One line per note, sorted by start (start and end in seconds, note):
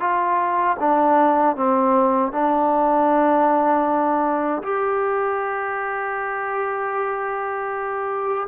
0.00 0.77 F4
0.79 1.56 D4
1.56 2.32 C4
2.32 4.63 D4
4.63 8.48 G4